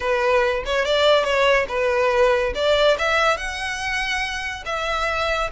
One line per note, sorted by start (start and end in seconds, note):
0.00 0.63 B4
0.65 0.85 C#5
0.85 1.23 D5
1.23 1.66 C#5
1.68 2.53 B4
2.55 2.97 D5
2.98 3.37 E5
3.37 4.64 F#5
4.65 5.50 E5